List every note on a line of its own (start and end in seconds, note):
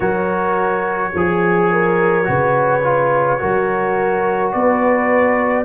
0.00 1.12 F#3
0.00 1.12 F#4
0.00 1.12 A#4
0.00 4.51 C#5
1.14 2.27 F3
1.14 1.72 G#4
1.14 2.24 G#4
1.72 2.28 A#4
2.24 3.42 C#3
2.24 2.80 F#4
2.24 3.40 B4
2.83 3.39 F4
3.39 4.54 F#3
3.39 5.64 F#4
3.39 4.53 A#4
4.52 5.64 B3
4.52 5.64 B4
4.52 5.64 D5